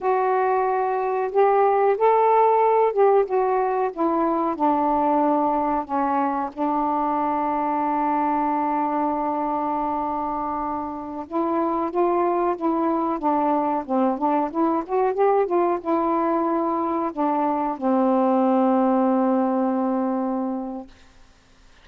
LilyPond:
\new Staff \with { instrumentName = "saxophone" } { \time 4/4 \tempo 4 = 92 fis'2 g'4 a'4~ | a'8 g'8 fis'4 e'4 d'4~ | d'4 cis'4 d'2~ | d'1~ |
d'4~ d'16 e'4 f'4 e'8.~ | e'16 d'4 c'8 d'8 e'8 fis'8 g'8 f'16~ | f'16 e'2 d'4 c'8.~ | c'1 | }